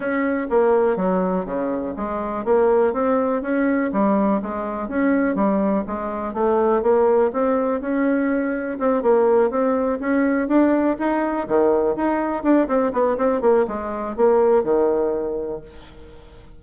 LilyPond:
\new Staff \with { instrumentName = "bassoon" } { \time 4/4 \tempo 4 = 123 cis'4 ais4 fis4 cis4 | gis4 ais4 c'4 cis'4 | g4 gis4 cis'4 g4 | gis4 a4 ais4 c'4 |
cis'2 c'8 ais4 c'8~ | c'8 cis'4 d'4 dis'4 dis8~ | dis8 dis'4 d'8 c'8 b8 c'8 ais8 | gis4 ais4 dis2 | }